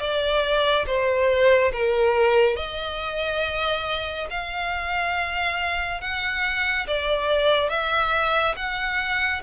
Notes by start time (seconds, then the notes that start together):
0.00 D5
0.86 C5
1.73 A#4
2.56 D#5
4.31 F5
6.01 F#5
6.88 D5
7.69 E5
8.56 F#5